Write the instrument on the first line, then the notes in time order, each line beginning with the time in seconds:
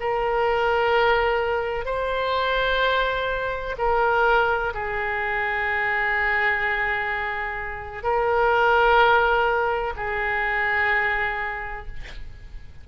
oboe
0.00 A#4
1.85 C5
3.78 A#4
4.74 G#4
8.03 A#4
9.97 G#4